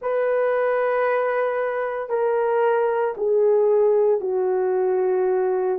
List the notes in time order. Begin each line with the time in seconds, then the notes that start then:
0.01 B4
2.09 A#4
3.17 G#4
4.20 F#4